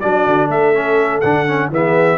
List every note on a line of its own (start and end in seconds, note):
0.00 0.27 F#3
0.00 0.74 D4
0.00 0.48 F#4
0.00 0.49 D5
0.27 0.49 D3
0.48 1.22 A3
0.48 1.70 A4
0.48 1.21 E5
0.74 1.23 C#4
1.21 1.70 D3
1.21 1.47 D4
1.21 1.69 F#5
1.47 1.72 C#4
1.70 2.18 E3
1.70 2.18 B3
1.70 2.18 G#4
1.70 2.18 E5